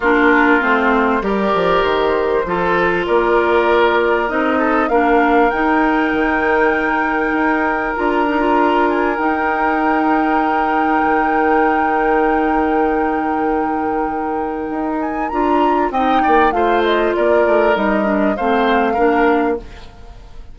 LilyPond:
<<
  \new Staff \with { instrumentName = "flute" } { \time 4/4 \tempo 4 = 98 ais'4 c''4 d''4 c''4~ | c''4 d''2 dis''4 | f''4 g''2.~ | g''4 ais''4. gis''8 g''4~ |
g''1~ | g''1~ | g''8 gis''8 ais''4 g''4 f''8 dis''8 | d''4 dis''4 f''2 | }
  \new Staff \with { instrumentName = "oboe" } { \time 4/4 f'2 ais'2 | a'4 ais'2~ ais'8 a'8 | ais'1~ | ais'1~ |
ais'1~ | ais'1~ | ais'2 dis''8 d''8 c''4 | ais'2 c''4 ais'4 | }
  \new Staff \with { instrumentName = "clarinet" } { \time 4/4 d'4 c'4 g'2 | f'2. dis'4 | d'4 dis'2.~ | dis'4 f'8 dis'16 f'4~ f'16 dis'4~ |
dis'1~ | dis'1~ | dis'4 f'4 dis'4 f'4~ | f'4 dis'8 d'8 c'4 d'4 | }
  \new Staff \with { instrumentName = "bassoon" } { \time 4/4 ais4 a4 g8 f8 dis4 | f4 ais2 c'4 | ais4 dis'4 dis2 | dis'4 d'2 dis'4~ |
dis'2 dis2~ | dis1 | dis'4 d'4 c'8 ais8 a4 | ais8 a8 g4 a4 ais4 | }
>>